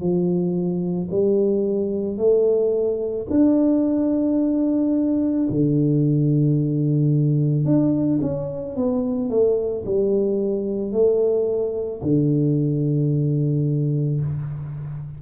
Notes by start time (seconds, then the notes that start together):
0.00 F3
1.11 G3
2.18 A3
3.31 D4
5.50 D3
7.65 D4
8.22 C#4
8.76 B3
9.30 A3
9.86 G3
10.93 A3
12.02 D3